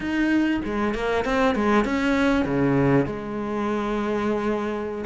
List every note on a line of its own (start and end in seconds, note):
0.00 0.60 D#4
0.64 0.94 G#3
0.94 1.24 A#3
1.24 1.55 C4
1.55 1.84 G#3
1.84 2.45 C#4
2.45 3.06 C#3
3.06 5.05 G#3